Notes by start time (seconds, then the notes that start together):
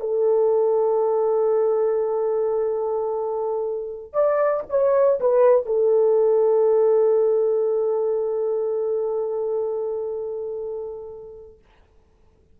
0.00 A4
4.13 D5
4.69 C#5
5.20 B4
5.66 A4